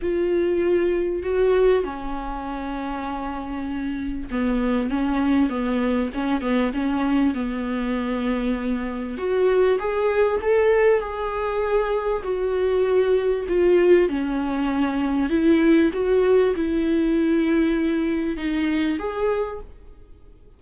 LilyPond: \new Staff \with { instrumentName = "viola" } { \time 4/4 \tempo 4 = 98 f'2 fis'4 cis'4~ | cis'2. b4 | cis'4 b4 cis'8 b8 cis'4 | b2. fis'4 |
gis'4 a'4 gis'2 | fis'2 f'4 cis'4~ | cis'4 e'4 fis'4 e'4~ | e'2 dis'4 gis'4 | }